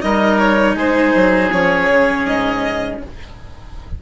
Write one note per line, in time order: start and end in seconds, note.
0.00 0.76 G3
0.00 1.50 D#4
0.00 0.76 A#4
0.00 0.39 D#5
0.39 0.76 C#5
0.76 1.13 G#3
0.76 3.01 G#4
0.76 1.52 C5
1.15 1.52 F#3
1.52 1.89 F3
1.52 3.03 C#4
1.52 2.26 C#5
1.90 2.26 C#3
2.26 3.01 G#2
2.26 3.01 D#5